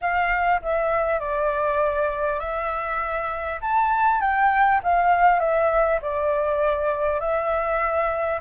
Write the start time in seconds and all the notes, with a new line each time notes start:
0.01 F5
0.61 E5
1.19 D5
2.39 E5
3.61 A5
4.20 G5
4.83 F5
5.39 E5
6.01 D5
7.20 E5